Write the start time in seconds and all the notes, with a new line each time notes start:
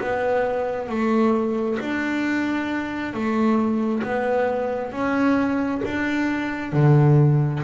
0.00 B3
0.89 A3
1.80 D4
3.13 A3
4.03 B3
4.92 C#4
5.85 D4
6.72 D3